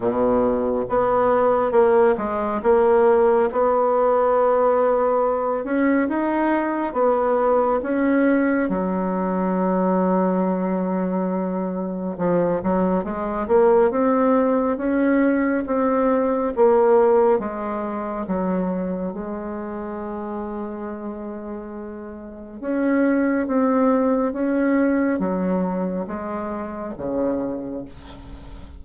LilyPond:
\new Staff \with { instrumentName = "bassoon" } { \time 4/4 \tempo 4 = 69 b,4 b4 ais8 gis8 ais4 | b2~ b8 cis'8 dis'4 | b4 cis'4 fis2~ | fis2 f8 fis8 gis8 ais8 |
c'4 cis'4 c'4 ais4 | gis4 fis4 gis2~ | gis2 cis'4 c'4 | cis'4 fis4 gis4 cis4 | }